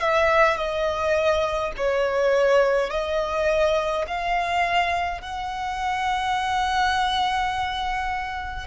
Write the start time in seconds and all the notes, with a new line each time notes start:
0.00 E5
0.57 D#5
1.77 C#5
2.90 D#5
4.07 F5
5.21 F#5